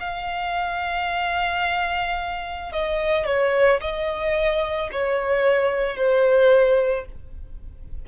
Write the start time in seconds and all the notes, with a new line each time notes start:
0.00 F5
2.72 D#5
3.26 C#5
3.81 D#5
4.92 C#5
5.97 C5